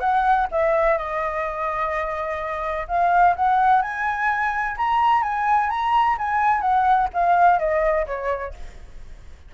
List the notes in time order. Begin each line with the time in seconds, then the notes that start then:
0.00 F#5
0.52 E5
0.98 D#5
2.88 F5
3.36 F#5
3.82 G#5
4.77 A#5
5.23 G#5
5.70 A#5
6.18 G#5
6.61 F#5
7.13 F5
7.59 D#5
8.07 C#5